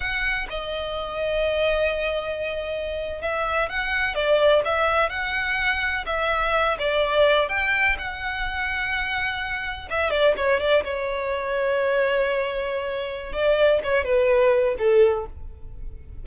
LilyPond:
\new Staff \with { instrumentName = "violin" } { \time 4/4 \tempo 4 = 126 fis''4 dis''2.~ | dis''2~ dis''8. e''4 fis''16~ | fis''8. d''4 e''4 fis''4~ fis''16~ | fis''8. e''4. d''4. g''16~ |
g''8. fis''2.~ fis''16~ | fis''8. e''8 d''8 cis''8 d''8 cis''4~ cis''16~ | cis''1 | d''4 cis''8 b'4. a'4 | }